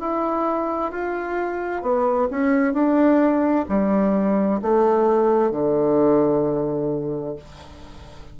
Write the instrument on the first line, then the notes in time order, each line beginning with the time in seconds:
bassoon
0.00 E4
0.91 F4
1.82 B3
2.31 C#4
2.73 D4
3.69 G3
4.62 A3
5.51 D3